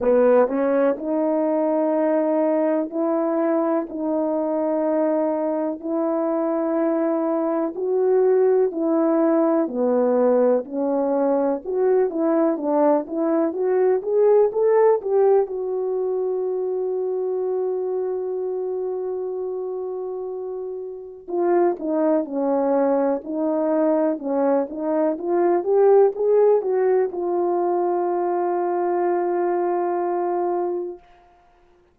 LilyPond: \new Staff \with { instrumentName = "horn" } { \time 4/4 \tempo 4 = 62 b8 cis'8 dis'2 e'4 | dis'2 e'2 | fis'4 e'4 b4 cis'4 | fis'8 e'8 d'8 e'8 fis'8 gis'8 a'8 g'8 |
fis'1~ | fis'2 f'8 dis'8 cis'4 | dis'4 cis'8 dis'8 f'8 g'8 gis'8 fis'8 | f'1 | }